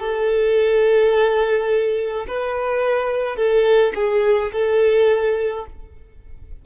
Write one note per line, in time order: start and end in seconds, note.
0.00 2.26 A4
2.28 3.37 B4
3.37 3.93 A4
3.96 4.52 G#4
4.53 5.66 A4